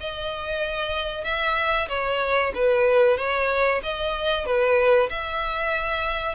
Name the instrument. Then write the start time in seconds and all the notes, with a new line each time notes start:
violin
0.00 D#5
1.24 E5
1.89 C#5
2.54 B4
3.17 C#5
3.83 D#5
4.45 B4
5.10 E5